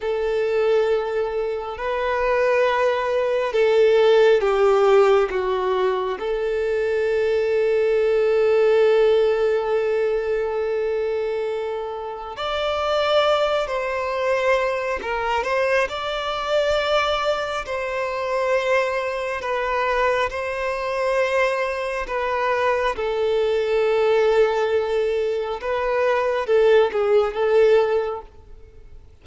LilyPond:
\new Staff \with { instrumentName = "violin" } { \time 4/4 \tempo 4 = 68 a'2 b'2 | a'4 g'4 fis'4 a'4~ | a'1~ | a'2 d''4. c''8~ |
c''4 ais'8 c''8 d''2 | c''2 b'4 c''4~ | c''4 b'4 a'2~ | a'4 b'4 a'8 gis'8 a'4 | }